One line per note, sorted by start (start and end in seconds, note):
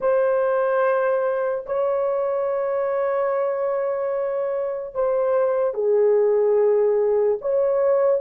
0.00 1.65 C5
1.66 4.94 C#5
4.94 5.73 C5
5.73 7.38 G#4
7.41 8.20 C#5